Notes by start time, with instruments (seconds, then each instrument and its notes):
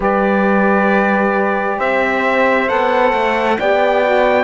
0.00 cello G3, saxophone G4, horn B4, trumpet D5
1.78 cello C4, horn C5, trumpet E5
2.67 cello B3, saxophone A4, trumpet F#5
3.12 cello A3
3.59 cello B3, saxophone G4, horn D5, trumpet G5
4.04 saxophone F#4